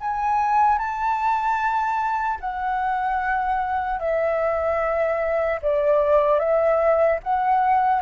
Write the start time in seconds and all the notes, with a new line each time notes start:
0.00 G#5
0.78 A5
2.40 F#5
3.99 E5
5.61 D5
6.39 E5
7.23 F#5